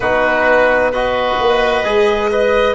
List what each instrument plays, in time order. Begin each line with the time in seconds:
0.00 tuba B3, trombone D#4, oboe F#4, violin B4
0.91 trombone F#4, oboe B4, violin D#5
1.39 tuba A#3
1.83 tuba G#3, trombone G#4
2.30 trombone B4, oboe D#5